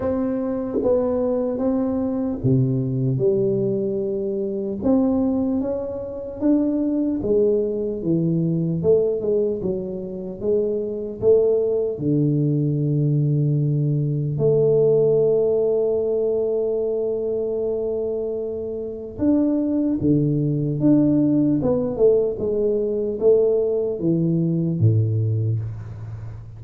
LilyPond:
\new Staff \with { instrumentName = "tuba" } { \time 4/4 \tempo 4 = 75 c'4 b4 c'4 c4 | g2 c'4 cis'4 | d'4 gis4 e4 a8 gis8 | fis4 gis4 a4 d4~ |
d2 a2~ | a1 | d'4 d4 d'4 b8 a8 | gis4 a4 e4 a,4 | }